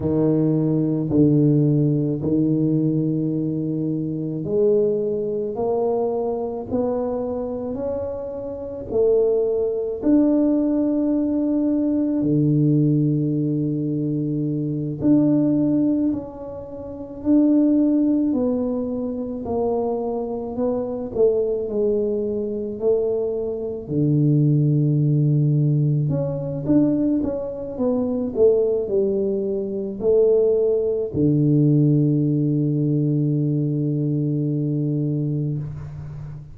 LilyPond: \new Staff \with { instrumentName = "tuba" } { \time 4/4 \tempo 4 = 54 dis4 d4 dis2 | gis4 ais4 b4 cis'4 | a4 d'2 d4~ | d4. d'4 cis'4 d'8~ |
d'8 b4 ais4 b8 a8 gis8~ | gis8 a4 d2 cis'8 | d'8 cis'8 b8 a8 g4 a4 | d1 | }